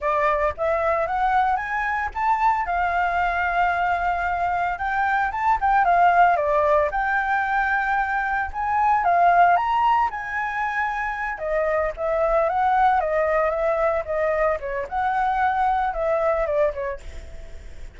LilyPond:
\new Staff \with { instrumentName = "flute" } { \time 4/4 \tempo 4 = 113 d''4 e''4 fis''4 gis''4 | a''4 f''2.~ | f''4 g''4 a''8 g''8 f''4 | d''4 g''2. |
gis''4 f''4 ais''4 gis''4~ | gis''4. dis''4 e''4 fis''8~ | fis''8 dis''4 e''4 dis''4 cis''8 | fis''2 e''4 d''8 cis''8 | }